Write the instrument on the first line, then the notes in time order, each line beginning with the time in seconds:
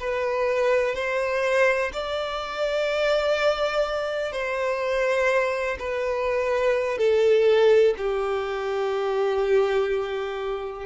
violin
0.00 B4
0.95 C5
1.93 D5
4.32 C5
5.79 B4
6.98 A4
7.98 G4